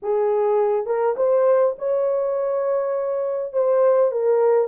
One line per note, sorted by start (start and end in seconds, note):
0.02 0.86 G#4
0.86 1.15 A#4
1.16 1.75 C5
1.78 3.52 C#5
3.52 4.11 C5
4.11 4.68 A#4